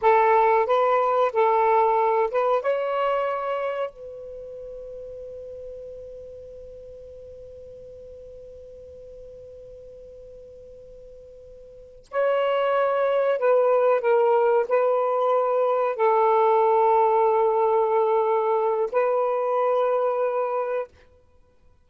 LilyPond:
\new Staff \with { instrumentName = "saxophone" } { \time 4/4 \tempo 4 = 92 a'4 b'4 a'4. b'8 | cis''2 b'2~ | b'1~ | b'1~ |
b'2~ b'8 cis''4.~ | cis''8 b'4 ais'4 b'4.~ | b'8 a'2.~ a'8~ | a'4 b'2. | }